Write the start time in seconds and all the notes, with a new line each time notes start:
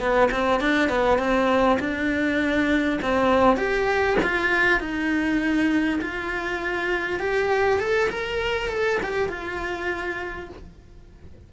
0.00 B3
0.31 C4
0.61 D4
0.89 B3
1.19 C4
1.80 D4
3.02 C4
3.57 G4
4.23 F4
4.80 D#4
6.01 F4
7.20 G4
7.80 A4
8.10 A#4
8.69 A4
9.03 G4
9.29 F4